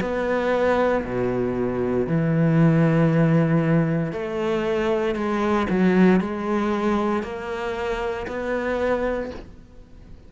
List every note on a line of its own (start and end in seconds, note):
0.00 1.03 B3
1.04 2.06 B2
2.06 4.12 E3
4.12 5.15 A3
5.15 5.67 G#3
5.69 6.20 F#3
6.20 7.23 G#3
7.23 8.26 A#3
8.27 9.31 B3